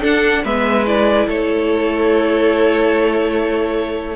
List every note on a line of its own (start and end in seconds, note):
0.00 0.41 D4
0.00 0.44 D4
0.00 0.42 A4
0.00 0.45 F#5
0.44 1.27 G#3
0.44 0.85 B3
0.44 1.27 B4
0.44 0.86 E5
0.86 4.16 E4
0.86 1.28 D5
1.27 4.16 A3
1.27 4.16 A4
1.27 4.16 C#5